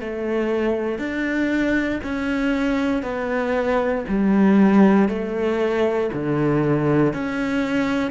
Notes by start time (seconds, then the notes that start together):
0.00 A3
0.98 D4
2.03 C#4
3.02 B3
4.08 G3
5.08 A3
6.12 D3
7.13 C#4